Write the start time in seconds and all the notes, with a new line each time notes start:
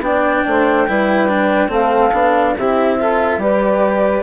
0.00 B3 D4 D5 G5
0.47 A3 C5
0.88 G3 E4 B4
1.28 D4
1.68 A3 C4 A4 F5
2.13 B3 D4
2.56 C4 E4 G4 E5
2.99 F4 A4
3.38 G3 G4 B4 D5